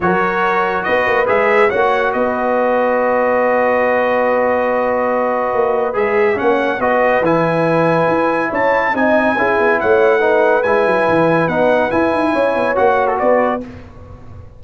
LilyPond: <<
  \new Staff \with { instrumentName = "trumpet" } { \time 4/4 \tempo 4 = 141 cis''2 dis''4 e''4 | fis''4 dis''2.~ | dis''1~ | dis''2 e''4 fis''4 |
dis''4 gis''2. | a''4 gis''2 fis''4~ | fis''4 gis''2 fis''4 | gis''2 fis''8. a'16 d''4 | }
  \new Staff \with { instrumentName = "horn" } { \time 4/4 ais'2 b'2 | cis''4 b'2.~ | b'1~ | b'2. cis''4 |
b'1 | cis''4 dis''4 gis'4 cis''4 | b'1~ | b'4 cis''2 b'4 | }
  \new Staff \with { instrumentName = "trombone" } { \time 4/4 fis'2. gis'4 | fis'1~ | fis'1~ | fis'2 gis'4 cis'4 |
fis'4 e'2.~ | e'4 dis'4 e'2 | dis'4 e'2 dis'4 | e'2 fis'2 | }
  \new Staff \with { instrumentName = "tuba" } { \time 4/4 fis2 b8 ais8 gis4 | ais4 b2.~ | b1~ | b4 ais4 gis4 ais4 |
b4 e2 e'4 | cis'4 c'4 cis'8 b8 a4~ | a4 gis8 fis8 e4 b4 | e'8 dis'8 cis'8 b8 ais4 b4 | }
>>